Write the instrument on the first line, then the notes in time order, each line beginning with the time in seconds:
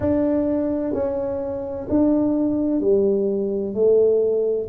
tuba
0.00 D4
0.93 C#4
1.89 D4
2.80 G3
3.73 A3